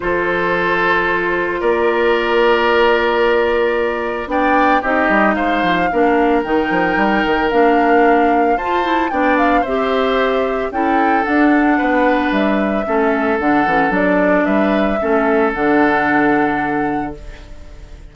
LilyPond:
<<
  \new Staff \with { instrumentName = "flute" } { \time 4/4 \tempo 4 = 112 c''2. d''4~ | d''1 | g''4 dis''4 f''2 | g''2 f''2 |
a''4 g''8 f''8 e''2 | g''4 fis''2 e''4~ | e''4 fis''4 d''4 e''4~ | e''4 fis''2. | }
  \new Staff \with { instrumentName = "oboe" } { \time 4/4 a'2. ais'4~ | ais'1 | d''4 g'4 c''4 ais'4~ | ais'1 |
c''4 d''4 c''2 | a'2 b'2 | a'2. b'4 | a'1 | }
  \new Staff \with { instrumentName = "clarinet" } { \time 4/4 f'1~ | f'1 | d'4 dis'2 d'4 | dis'2 d'2 |
f'8 e'8 d'4 g'2 | e'4 d'2. | cis'4 d'8 cis'8 d'2 | cis'4 d'2. | }
  \new Staff \with { instrumentName = "bassoon" } { \time 4/4 f2. ais4~ | ais1 | b4 c'8 g8 gis8 f8 ais4 | dis8 f8 g8 dis8 ais2 |
f'4 b4 c'2 | cis'4 d'4 b4 g4 | a4 d8 e8 fis4 g4 | a4 d2. | }
>>